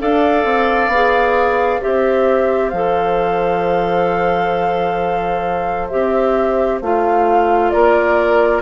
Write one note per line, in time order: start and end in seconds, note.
0.00 0.45 D4
0.00 0.91 A4
0.00 1.81 D5
0.00 1.83 F5
0.45 0.88 C4
0.88 1.79 B3
0.88 1.82 G#4
1.81 2.73 C4
1.81 2.73 G4
1.81 7.72 C5
1.81 2.70 E5
2.70 5.91 F3
2.70 5.91 A4
2.70 5.88 F5
5.88 6.82 C4
5.88 6.82 G4
5.88 6.79 E5
6.82 7.73 A3
6.82 8.63 F4
6.82 7.71 F5
7.71 8.63 A#3
7.71 8.63 A#4
7.71 8.62 D5